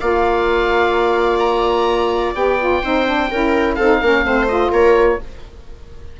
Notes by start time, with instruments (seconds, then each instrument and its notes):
0.00 bassoon A#3, saxophone F4, viola D5, oboe F5
1.39 oboe A#5
2.34 bassoon B3, saxophone G4, oboe G5
2.59 saxophone F4
2.83 bassoon C4, saxophone D#4, viola C5
3.06 saxophone D4
3.31 bassoon C#4, saxophone E4, viola A#4
3.75 bassoon C4, saxophone D#4, viola A4, oboe F5
4.02 bassoon A#3, saxophone C#4, viola A#4
4.24 bassoon A3, saxophone C4, viola C5
4.48 saxophone F4, oboe D#5
4.71 bassoon A#3, viola A#4, oboe C#5